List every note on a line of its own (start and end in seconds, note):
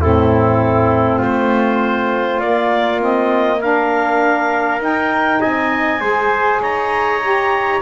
0.00 1.21 A2
0.00 2.41 C4
0.00 1.18 E4
0.00 1.20 A4
1.18 2.40 A3
1.18 3.58 F4
1.18 2.39 C5
2.39 4.79 A#3
2.39 3.00 A#3
2.39 2.99 D5
3.00 3.60 C4
3.00 3.61 D#5
3.60 4.79 D4
3.60 5.40 A#4
3.60 4.81 F5
4.79 5.40 D#4
4.79 6.00 D#4
4.79 5.40 G5
5.40 6.01 C4
5.40 6.00 D#5
5.40 6.60 G#5
6.00 6.61 G#3
6.00 7.21 G#4
6.00 6.60 C5
6.61 7.81 D#4
6.61 7.81 C#5
6.61 7.81 A#5
7.21 7.81 G4